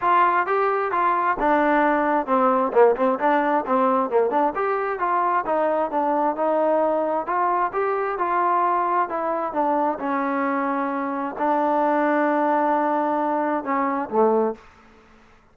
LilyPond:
\new Staff \with { instrumentName = "trombone" } { \time 4/4 \tempo 4 = 132 f'4 g'4 f'4 d'4~ | d'4 c'4 ais8 c'8 d'4 | c'4 ais8 d'8 g'4 f'4 | dis'4 d'4 dis'2 |
f'4 g'4 f'2 | e'4 d'4 cis'2~ | cis'4 d'2.~ | d'2 cis'4 a4 | }